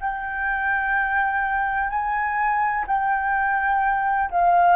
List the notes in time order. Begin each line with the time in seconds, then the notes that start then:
0.00 G5
1.90 G#5
2.87 G5
4.31 F5